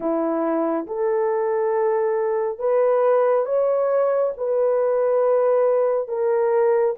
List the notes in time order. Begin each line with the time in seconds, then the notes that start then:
0.00 E4
0.87 A4
2.58 B4
3.45 C#5
4.37 B4
6.08 A#4